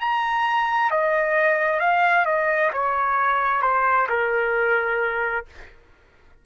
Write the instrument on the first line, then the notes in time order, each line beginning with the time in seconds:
trumpet
0.00 A#5
0.90 D#5
1.80 F5
2.25 D#5
2.73 C#5
3.62 C5
4.09 A#4